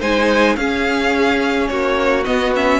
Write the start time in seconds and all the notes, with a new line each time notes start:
0.00 G#3 D#4 C5 G#5
0.56 C#4 G#4 F5
1.68 A#3 F#4 C#5
2.24 B3 D#5
2.55 C#4 E5